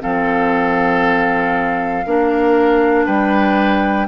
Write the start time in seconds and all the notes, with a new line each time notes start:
0.00 F3 C4 A4 F5
2.06 A#3 D4 A#4
3.05 G3 B4 G5